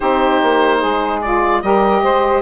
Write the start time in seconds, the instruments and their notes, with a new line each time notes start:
0.00 bassoon C4, saxophone D#4 G4, oboe C5
0.42 bassoon A#3
0.79 bassoon G#3, saxophone G#4
1.21 saxophone F4, oboe D5
1.62 bassoon G3, saxophone G4 A#4, oboe D#5
2.02 bassoon G#3, saxophone C5